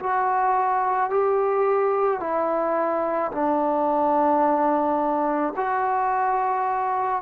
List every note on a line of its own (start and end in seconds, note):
0.00 1.10 F#4
1.10 2.20 G4
2.20 3.31 E4
3.32 5.54 D4
5.57 7.22 F#4